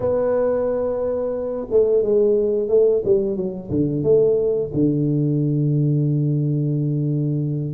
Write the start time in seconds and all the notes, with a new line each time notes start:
0.00 B3
1.70 A3
2.02 G#3
2.68 A3
3.05 G3
3.36 F#3
3.70 D3
4.03 A3
4.73 D3